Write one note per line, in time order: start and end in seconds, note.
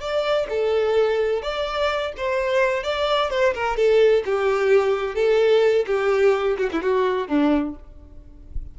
0.00 0.47 D5
0.49 1.42 A4
1.42 2.12 D5
2.17 2.83 C5
2.83 3.30 D5
3.30 3.53 C5
3.54 3.76 A#4
3.76 4.23 A4
4.25 5.15 G4
5.15 5.85 A4
5.86 6.57 G4
6.58 6.69 F#4
6.72 6.82 E4
6.82 7.28 F#4
7.28 7.75 D4